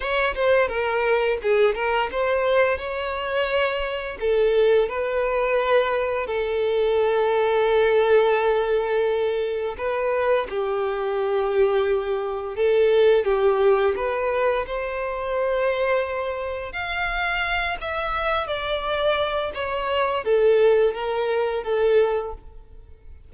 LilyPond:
\new Staff \with { instrumentName = "violin" } { \time 4/4 \tempo 4 = 86 cis''8 c''8 ais'4 gis'8 ais'8 c''4 | cis''2 a'4 b'4~ | b'4 a'2.~ | a'2 b'4 g'4~ |
g'2 a'4 g'4 | b'4 c''2. | f''4. e''4 d''4. | cis''4 a'4 ais'4 a'4 | }